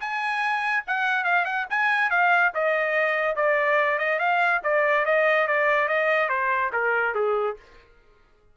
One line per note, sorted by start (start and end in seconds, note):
0.00 0.84 G#5
0.87 1.24 F#5
1.24 1.45 F5
1.45 1.66 F#5
1.70 2.10 G#5
2.10 2.52 F5
2.54 3.35 D#5
3.35 3.98 D5
3.98 4.19 D#5
4.19 4.61 F5
4.63 5.05 D5
5.05 5.47 D#5
5.47 5.88 D5
5.88 6.29 D#5
6.29 6.71 C5
6.72 7.14 A#4
7.15 7.57 G#4